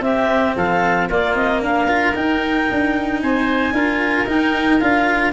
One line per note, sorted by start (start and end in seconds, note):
0.00 0.53 C4
0.00 1.08 C4
0.00 0.56 G4
0.00 0.55 E5
0.56 1.09 F3
0.56 1.09 A4
0.56 1.09 F5
1.09 1.35 A#3
1.09 1.87 A#3
1.09 1.61 F4
1.09 1.35 D5
1.35 1.61 C4
1.35 1.62 D#5
1.61 2.14 D4
1.61 3.20 A#4
1.61 2.14 F5
1.87 2.14 F4
2.14 3.73 D#4
2.14 2.69 D#4
2.14 3.21 G5
2.71 3.22 D4
3.21 3.71 C4
3.21 3.74 C5
3.21 4.27 G#5
3.71 4.24 D4
3.71 4.27 F4
3.71 5.33 A#4
4.26 4.79 D#4
4.26 4.80 D#4
4.26 4.79 G5
4.79 5.33 D4
4.79 5.33 F4
4.79 5.32 F5